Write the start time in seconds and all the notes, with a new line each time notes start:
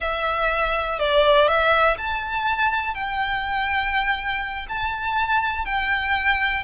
0.00 E5
0.99 D5
1.48 E5
1.97 A5
2.94 G5
4.69 A5
5.65 G5